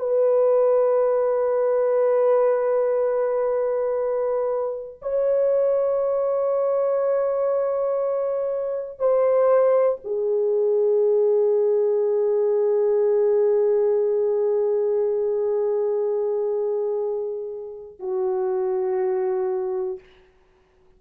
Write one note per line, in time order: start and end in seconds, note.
0.00 5.00 B4
5.02 9.00 C#5
9.00 10.00 C5
10.05 18.00 G#4
18.00 20.00 F#4